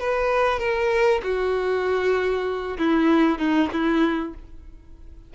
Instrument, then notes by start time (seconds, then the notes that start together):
violin
0.00 B4
0.60 A#4
1.23 F#4
2.79 E4
3.39 D#4
3.73 E4